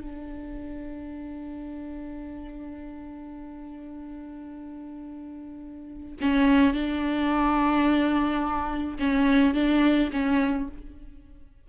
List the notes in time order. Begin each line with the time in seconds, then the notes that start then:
0.00 D4
6.21 C#4
6.73 D4
8.99 C#4
9.54 D4
10.12 C#4